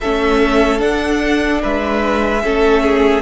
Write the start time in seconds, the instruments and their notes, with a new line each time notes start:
0.01 cello A3, viola C#4, violin A4 E5
0.79 viola D4, cello D4, violin F#5
1.61 cello G#3, violin B4 E5
2.43 cello A3, viola C#4, violin A4
2.82 violin G#4